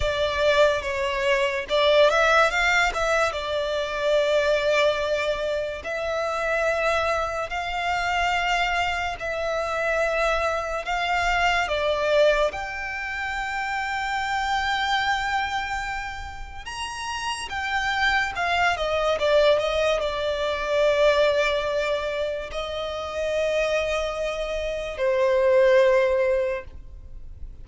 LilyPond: \new Staff \with { instrumentName = "violin" } { \time 4/4 \tempo 4 = 72 d''4 cis''4 d''8 e''8 f''8 e''8 | d''2. e''4~ | e''4 f''2 e''4~ | e''4 f''4 d''4 g''4~ |
g''1 | ais''4 g''4 f''8 dis''8 d''8 dis''8 | d''2. dis''4~ | dis''2 c''2 | }